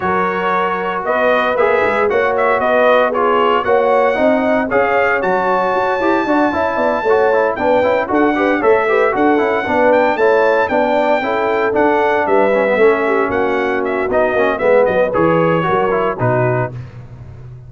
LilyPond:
<<
  \new Staff \with { instrumentName = "trumpet" } { \time 4/4 \tempo 4 = 115 cis''2 dis''4 e''4 | fis''8 e''8 dis''4 cis''4 fis''4~ | fis''4 f''4 a''2~ | a''2~ a''8 g''4 fis''8~ |
fis''8 e''4 fis''4. g''8 a''8~ | a''8 g''2 fis''4 e''8~ | e''4. fis''4 e''8 dis''4 | e''8 dis''8 cis''2 b'4 | }
  \new Staff \with { instrumentName = "horn" } { \time 4/4 ais'2 b'2 | cis''4 b'4 gis'4 cis''4 | dis''4 cis''2. | d''8 e''8 d''8 cis''4 b'4 a'8 |
b'8 cis''8 b'8 a'4 b'4 cis''8~ | cis''8 d''4 a'2 b'8~ | b'8 a'8 g'8 fis'2~ fis'8 | b'2 ais'4 fis'4 | }
  \new Staff \with { instrumentName = "trombone" } { \time 4/4 fis'2. gis'4 | fis'2 f'4 fis'4 | dis'4 gis'4 fis'4. g'8 | fis'8 e'4 fis'8 e'8 d'8 e'8 fis'8 |
g'8 a'8 g'8 fis'8 e'8 d'4 e'8~ | e'8 d'4 e'4 d'4. | cis'16 b16 cis'2~ cis'8 dis'8 cis'8 | b4 gis'4 fis'8 e'8 dis'4 | }
  \new Staff \with { instrumentName = "tuba" } { \time 4/4 fis2 b4 ais8 gis8 | ais4 b2 ais4 | c'4 cis'4 fis4 fis'8 e'8 | d'8 cis'8 b8 a4 b8 cis'8 d'8~ |
d'8 a4 d'8 cis'8 b4 a8~ | a8 b4 cis'4 d'4 g8~ | g8 a4 ais4. b8 ais8 | gis8 fis8 e4 fis4 b,4 | }
>>